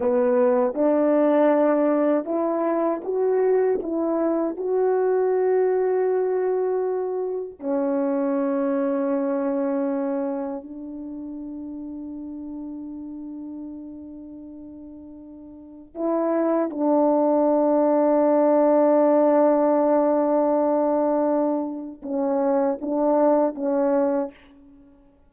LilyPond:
\new Staff \with { instrumentName = "horn" } { \time 4/4 \tempo 4 = 79 b4 d'2 e'4 | fis'4 e'4 fis'2~ | fis'2 cis'2~ | cis'2 d'2~ |
d'1~ | d'4 e'4 d'2~ | d'1~ | d'4 cis'4 d'4 cis'4 | }